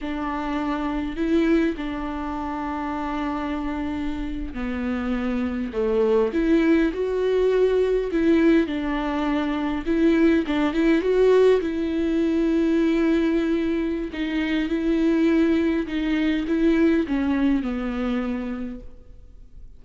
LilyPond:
\new Staff \with { instrumentName = "viola" } { \time 4/4 \tempo 4 = 102 d'2 e'4 d'4~ | d'2.~ d'8. b16~ | b4.~ b16 a4 e'4 fis'16~ | fis'4.~ fis'16 e'4 d'4~ d'16~ |
d'8. e'4 d'8 e'8 fis'4 e'16~ | e'1 | dis'4 e'2 dis'4 | e'4 cis'4 b2 | }